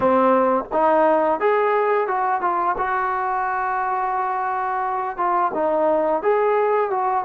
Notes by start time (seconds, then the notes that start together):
0.00 C4
0.72 D#4
1.40 G#4
2.07 F#4
2.41 F4
2.77 F#4
5.17 F4
5.53 D#4
6.22 G#4
6.90 F#4